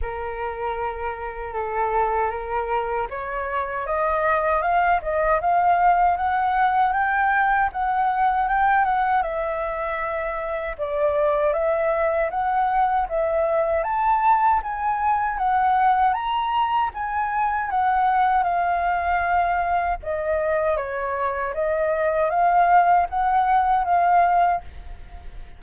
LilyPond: \new Staff \with { instrumentName = "flute" } { \time 4/4 \tempo 4 = 78 ais'2 a'4 ais'4 | cis''4 dis''4 f''8 dis''8 f''4 | fis''4 g''4 fis''4 g''8 fis''8 | e''2 d''4 e''4 |
fis''4 e''4 a''4 gis''4 | fis''4 ais''4 gis''4 fis''4 | f''2 dis''4 cis''4 | dis''4 f''4 fis''4 f''4 | }